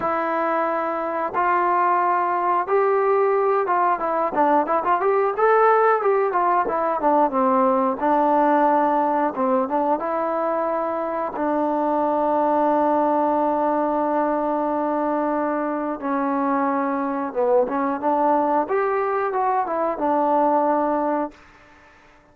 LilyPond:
\new Staff \with { instrumentName = "trombone" } { \time 4/4 \tempo 4 = 90 e'2 f'2 | g'4. f'8 e'8 d'8 e'16 f'16 g'8 | a'4 g'8 f'8 e'8 d'8 c'4 | d'2 c'8 d'8 e'4~ |
e'4 d'2.~ | d'1 | cis'2 b8 cis'8 d'4 | g'4 fis'8 e'8 d'2 | }